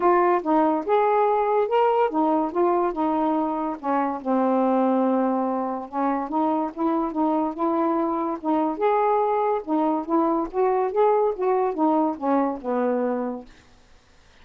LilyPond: \new Staff \with { instrumentName = "saxophone" } { \time 4/4 \tempo 4 = 143 f'4 dis'4 gis'2 | ais'4 dis'4 f'4 dis'4~ | dis'4 cis'4 c'2~ | c'2 cis'4 dis'4 |
e'4 dis'4 e'2 | dis'4 gis'2 dis'4 | e'4 fis'4 gis'4 fis'4 | dis'4 cis'4 b2 | }